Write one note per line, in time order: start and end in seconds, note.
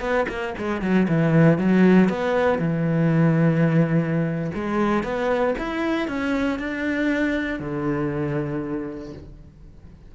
0.00 0.26 B3
0.28 0.54 A#3
0.58 0.81 G#3
0.81 1.07 F#3
1.08 1.58 E3
1.58 2.09 F#3
2.09 2.59 B3
2.59 4.51 E3
4.54 5.03 G#3
5.03 5.54 B3
5.58 6.07 E4
6.07 6.59 C#4
6.59 7.59 D4
7.59 9.13 D3